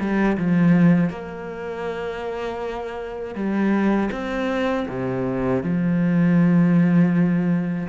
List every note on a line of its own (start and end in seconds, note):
0.00 0.38 G3
0.38 1.10 F3
1.10 3.35 A#3
3.35 4.10 G3
4.12 4.87 C4
4.89 5.64 C3
5.64 7.89 F3